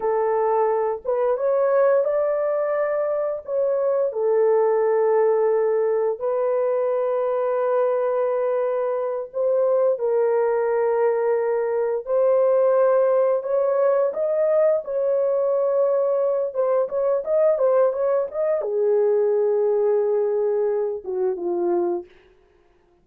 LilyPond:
\new Staff \with { instrumentName = "horn" } { \time 4/4 \tempo 4 = 87 a'4. b'8 cis''4 d''4~ | d''4 cis''4 a'2~ | a'4 b'2.~ | b'4. c''4 ais'4.~ |
ais'4. c''2 cis''8~ | cis''8 dis''4 cis''2~ cis''8 | c''8 cis''8 dis''8 c''8 cis''8 dis''8 gis'4~ | gis'2~ gis'8 fis'8 f'4 | }